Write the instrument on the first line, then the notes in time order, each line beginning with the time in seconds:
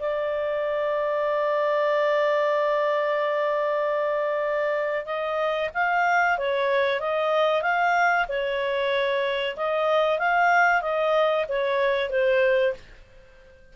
clarinet
0.00 D5
5.06 D#5
5.74 F5
6.38 C#5
7.00 D#5
7.62 F5
8.28 C#5
9.57 D#5
10.19 F5
10.82 D#5
11.48 C#5
12.10 C5